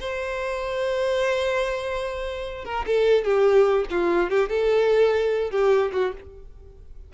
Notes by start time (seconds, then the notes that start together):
0.00 C5
2.65 A#4
2.86 A4
3.24 G4
3.90 F4
4.30 G4
4.49 A4
5.51 G4
5.92 F#4